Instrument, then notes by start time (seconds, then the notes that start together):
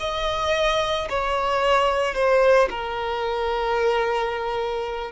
violin
0.00 D#5
1.09 C#5
2.14 C5
2.70 A#4